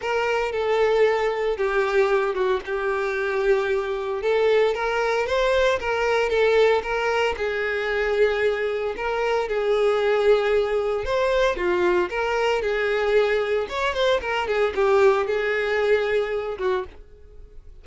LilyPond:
\new Staff \with { instrumentName = "violin" } { \time 4/4 \tempo 4 = 114 ais'4 a'2 g'4~ | g'8 fis'8 g'2. | a'4 ais'4 c''4 ais'4 | a'4 ais'4 gis'2~ |
gis'4 ais'4 gis'2~ | gis'4 c''4 f'4 ais'4 | gis'2 cis''8 c''8 ais'8 gis'8 | g'4 gis'2~ gis'8 fis'8 | }